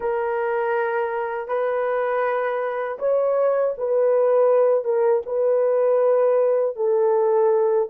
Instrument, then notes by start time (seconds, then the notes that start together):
horn
0.00 A#4
1.48 B4
2.98 C#5
3.77 B4
4.84 A#4
5.26 B4
6.76 A4